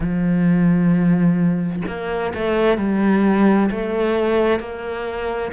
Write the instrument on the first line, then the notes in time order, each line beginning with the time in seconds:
cello
0.00 F3
1.87 A#3
2.34 A3
2.77 G3
3.70 A3
4.59 A#3